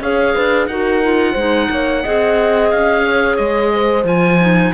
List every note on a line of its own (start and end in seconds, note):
0.00 0.34 C#4
0.00 0.69 G#4
0.00 0.35 C#5
0.00 0.67 F5
0.35 0.67 D4
0.35 0.69 B4
0.67 1.34 D#4
0.67 1.02 F#4
0.67 1.32 A#4
0.67 2.69 F#5
1.02 1.36 F4
1.32 1.69 G#3
1.32 2.04 D#4
1.32 1.66 C5
1.70 2.03 A#3
1.70 2.03 C#5
2.03 2.73 C4
2.03 4.04 G#4
2.03 3.04 D#5
2.70 3.38 C#4
2.70 3.36 F5
3.04 3.72 C#5
3.36 4.04 G#3
3.36 4.03 D#5
3.72 4.73 C5
4.04 4.71 F3
4.04 4.38 F4
4.04 4.73 G#5
4.40 4.73 D#4